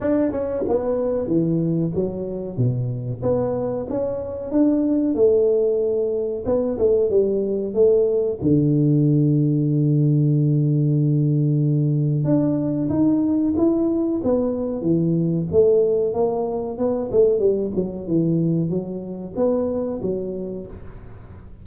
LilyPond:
\new Staff \with { instrumentName = "tuba" } { \time 4/4 \tempo 4 = 93 d'8 cis'8 b4 e4 fis4 | b,4 b4 cis'4 d'4 | a2 b8 a8 g4 | a4 d2.~ |
d2. d'4 | dis'4 e'4 b4 e4 | a4 ais4 b8 a8 g8 fis8 | e4 fis4 b4 fis4 | }